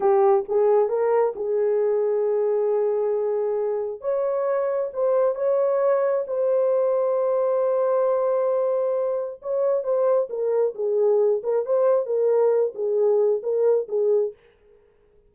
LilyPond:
\new Staff \with { instrumentName = "horn" } { \time 4/4 \tempo 4 = 134 g'4 gis'4 ais'4 gis'4~ | gis'1~ | gis'4 cis''2 c''4 | cis''2 c''2~ |
c''1~ | c''4 cis''4 c''4 ais'4 | gis'4. ais'8 c''4 ais'4~ | ais'8 gis'4. ais'4 gis'4 | }